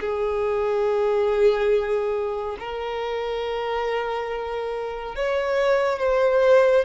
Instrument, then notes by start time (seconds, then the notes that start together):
violin
0.00 G#4
2.59 A#4
5.15 C#5
5.99 C5